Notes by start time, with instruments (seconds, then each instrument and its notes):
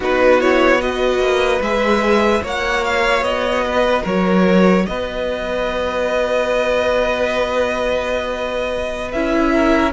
0.00 cello B3, viola D#4, violin F#4 B4
0.40 viola E4, violin C#5
0.79 viola F#4, violin B4 D#5
1.19 cello A#3
1.60 cello G#3, viola G#4, violin E5
2.40 cello A#3, viola F#4, violin C#5
2.47 violin F#5
2.84 violin F5
3.21 cello B3, violin D#5
3.65 violin B4
4.03 cello F#3, violin A#4 C#5
4.85 cello B3, violin B4 D#5
9.12 cello C#4, viola E4, violin E5
9.52 violin A#4